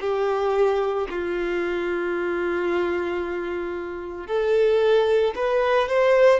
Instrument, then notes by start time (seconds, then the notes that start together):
violin
0.00 G4
1.10 F4
4.27 A4
5.35 B4
5.88 C5